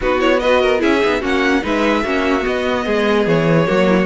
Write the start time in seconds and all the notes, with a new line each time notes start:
0.00 B3 D#4 F#4 B4
0.18 E4 C#5
0.39 F#4 B4 D#5
0.60 A#4
0.79 C#4 E4 G#4 E5
1.01 B3 D#4
1.20 A#3 C#4 F#4 F#5
1.61 G#3 D#4 B4 E5
2.03 A#3 C#4 F#4
2.40 B3 D#5
2.86 G#3 G#4
3.26 E3 C#5
3.66 F#3 A#3 F#4
3.88 E4
3.98 F#4